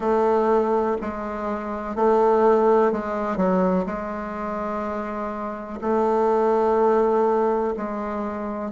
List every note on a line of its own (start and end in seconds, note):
0.00 0.96 A3
1.01 1.95 G#3
1.95 2.92 A3
2.92 3.36 G#3
3.36 3.84 F#3
3.85 5.79 G#3
5.81 7.74 A3
7.76 8.71 G#3